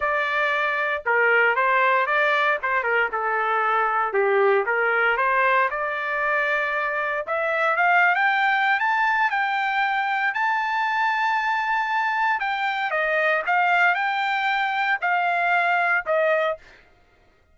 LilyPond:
\new Staff \with { instrumentName = "trumpet" } { \time 4/4 \tempo 4 = 116 d''2 ais'4 c''4 | d''4 c''8 ais'8 a'2 | g'4 ais'4 c''4 d''4~ | d''2 e''4 f''8. g''16~ |
g''4 a''4 g''2 | a''1 | g''4 dis''4 f''4 g''4~ | g''4 f''2 dis''4 | }